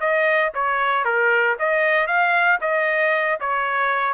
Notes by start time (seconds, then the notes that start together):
0.00 D#5
0.54 C#5
1.05 A#4
1.59 D#5
2.07 F5
2.61 D#5
3.40 C#5